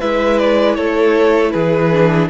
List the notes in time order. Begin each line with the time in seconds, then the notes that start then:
0.00 G#3 E4 B4 E5
0.38 D5
0.76 A3 A4 C#5
1.51 E3 G#4 B4
1.93 D4